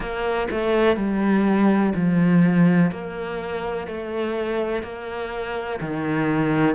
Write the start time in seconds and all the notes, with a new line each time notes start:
0.00 A#3
0.50 A3
0.96 G3
1.94 F3
2.91 A#3
3.87 A3
4.83 A#3
5.80 D#3